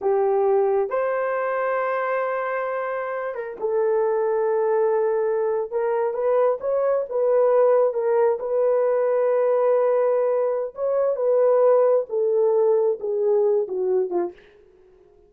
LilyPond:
\new Staff \with { instrumentName = "horn" } { \time 4/4 \tempo 4 = 134 g'2 c''2~ | c''2.~ c''8 ais'8 | a'1~ | a'8. ais'4 b'4 cis''4 b'16~ |
b'4.~ b'16 ais'4 b'4~ b'16~ | b'1 | cis''4 b'2 a'4~ | a'4 gis'4. fis'4 f'8 | }